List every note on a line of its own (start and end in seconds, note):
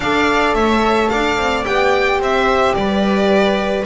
0.00 0.53 D4
0.00 1.65 A4
0.00 0.55 D5
0.00 0.54 F5
0.53 1.08 A3
0.53 1.10 C#5
0.53 1.08 E5
1.08 1.37 D4
1.08 2.19 D5
1.08 1.63 F5
1.37 1.64 C4
1.65 2.19 B3
1.65 3.85 G4
1.65 2.20 G5
2.19 2.74 C4
2.19 2.74 C5
2.19 2.74 E5
2.74 3.85 G3
2.74 3.85 B4
2.74 3.84 D5